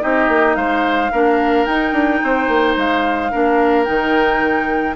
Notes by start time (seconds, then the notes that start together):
0.00 C4 D#4 G4 D#5
0.29 A#3
0.56 G#3 C5 F5
1.12 A#3 D4 A#4
1.65 D#4 G5
1.93 D4
2.24 C4 C5
2.48 A#3
2.77 G#3 F5
3.32 A#3 D4 A#4
3.85 D#3 D#4 G5